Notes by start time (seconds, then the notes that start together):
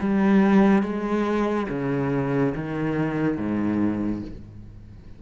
0.00 G3
0.83 G#3
1.70 C#3
2.55 D#3
3.38 G#2